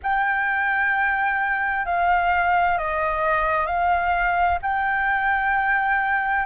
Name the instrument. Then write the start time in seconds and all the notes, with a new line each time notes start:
flute
0.03 G5
1.85 F5
2.78 D#5
3.66 F5
4.62 G5